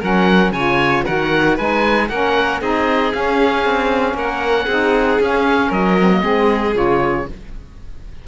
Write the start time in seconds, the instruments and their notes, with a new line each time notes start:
0.00 cello F#3, saxophone C#4, violin A#4, oboe F#5
0.51 cello C#3, saxophone F4, violin C#5, oboe G#5
1.04 cello D#3, saxophone F#4, violin A#4, oboe F#5
1.55 cello G#3, saxophone D#4, violin B4, oboe G#5
2.09 cello A#3, saxophone C#4, violin A#4, oboe F#5
2.61 cello C4, saxophone D#4, violin G#4, oboe D#5
3.12 saxophone C#4, cello C#4, oboe F5
3.65 cello C4
4.14 cello A#3, violin A#4, oboe F#5
4.65 cello C4, saxophone D#4, violin G#4
5.19 cello C#4, saxophone C#4, oboe F5
5.68 cello F#3, violin A#4, oboe D#5
5.99 saxophone C4
6.11 saxophone A#3
6.22 cello G#3, saxophone C4, violin G#4
6.73 cello C#3, saxophone F4, oboe C#5